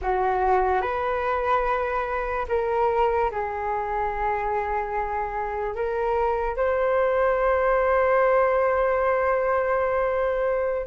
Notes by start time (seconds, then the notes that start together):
0.01 F#4
0.81 B4
2.48 A#4
3.31 G#4
5.75 A#4
6.56 C5